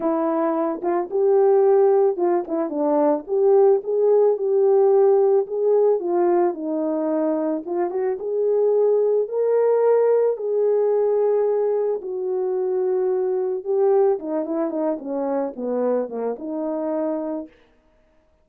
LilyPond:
\new Staff \with { instrumentName = "horn" } { \time 4/4 \tempo 4 = 110 e'4. f'8 g'2 | f'8 e'8 d'4 g'4 gis'4 | g'2 gis'4 f'4 | dis'2 f'8 fis'8 gis'4~ |
gis'4 ais'2 gis'4~ | gis'2 fis'2~ | fis'4 g'4 dis'8 e'8 dis'8 cis'8~ | cis'8 b4 ais8 dis'2 | }